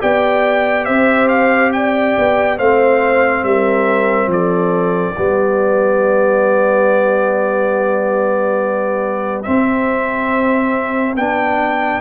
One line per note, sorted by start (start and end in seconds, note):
0.00 0.88 B3
0.00 2.57 G4
0.00 0.86 D5
0.00 0.85 G5
0.85 2.17 C4
0.85 1.71 C5
0.85 1.27 E5
1.28 1.71 F5
1.72 2.58 D5
1.72 2.58 G5
2.18 2.59 B3
2.58 3.43 A3
2.58 5.15 C4
2.58 3.43 C5
2.58 3.44 F5
3.43 4.27 G3
3.43 4.31 A#4
3.43 4.30 E5
4.27 5.12 F3
4.27 5.14 A4
4.27 9.43 D5
5.14 9.46 G3
5.14 9.44 B3
5.14 12.00 G4
9.43 11.16 C4
9.43 11.15 C4
9.43 11.14 E5
11.15 12.01 B3
11.15 12.01 D4
11.15 12.01 G5